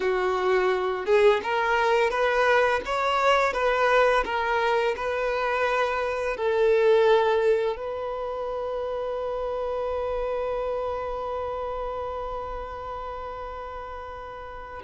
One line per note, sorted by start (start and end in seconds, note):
0.00 1.05 F#4
1.05 1.41 G#4
1.43 2.10 A#4
2.10 2.80 B4
2.85 3.53 C#5
3.53 4.24 B4
4.24 4.95 A#4
4.96 6.36 B4
6.36 7.76 A4
7.76 14.82 B4